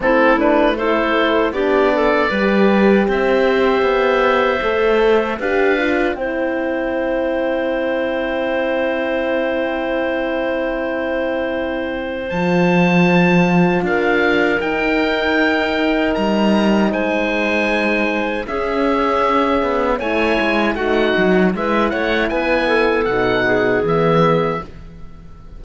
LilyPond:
<<
  \new Staff \with { instrumentName = "oboe" } { \time 4/4 \tempo 4 = 78 a'8 b'8 c''4 d''2 | e''2. f''4 | g''1~ | g''1 |
a''2 f''4 g''4~ | g''4 ais''4 gis''2 | e''2 gis''4 fis''4 | e''8 fis''8 gis''4 fis''4 e''4 | }
  \new Staff \with { instrumentName = "clarinet" } { \time 4/4 e'4 a'4 g'8 a'8 b'4 | c''2. b'4 | c''1~ | c''1~ |
c''2 ais'2~ | ais'2 c''2 | gis'2 cis''4 fis'4 | b'8 cis''8 b'8 a'4 gis'4. | }
  \new Staff \with { instrumentName = "horn" } { \time 4/4 c'8 d'8 e'4 d'4 g'4~ | g'2 a'4 g'8 f'8 | e'1~ | e'1 |
f'2. dis'4~ | dis'1 | cis'2 e'4 dis'4 | e'2 dis'4 b4 | }
  \new Staff \with { instrumentName = "cello" } { \time 4/4 a2 b4 g4 | c'4 b4 a4 d'4 | c'1~ | c'1 |
f2 d'4 dis'4~ | dis'4 g4 gis2 | cis'4. b8 a8 gis8 a8 fis8 | gis8 a8 b4 b,4 e4 | }
>>